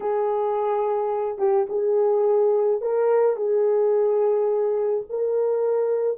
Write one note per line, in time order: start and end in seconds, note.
0.00 1.38 G#4
1.38 1.66 G4
1.69 2.81 G#4
2.81 3.36 A#4
3.36 5.04 G#4
5.09 6.18 A#4